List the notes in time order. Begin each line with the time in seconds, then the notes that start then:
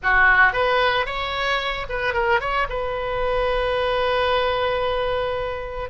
0.02 F#4
0.52 B4
1.05 C#5
1.89 B4
2.13 A#4
2.40 C#5
2.69 B4